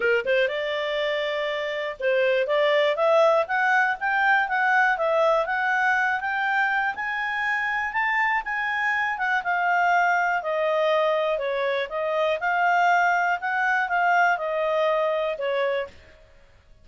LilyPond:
\new Staff \with { instrumentName = "clarinet" } { \time 4/4 \tempo 4 = 121 ais'8 c''8 d''2. | c''4 d''4 e''4 fis''4 | g''4 fis''4 e''4 fis''4~ | fis''8 g''4. gis''2 |
a''4 gis''4. fis''8 f''4~ | f''4 dis''2 cis''4 | dis''4 f''2 fis''4 | f''4 dis''2 cis''4 | }